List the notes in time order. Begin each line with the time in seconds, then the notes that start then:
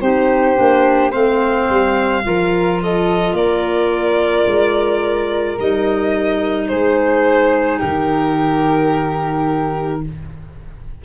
0.00 C4 D#4 G4 C5
0.56 A#3 D4
1.11 A3 C4 C5 F5
1.69 G3
2.23 F3 F4 A#4
2.82 A4 D#5
3.33 A#3 A#4 D5
4.46 G#3
5.58 G3 D#4 D#5
6.68 G#3 G#4 C5
7.78 D#3 G4 A#4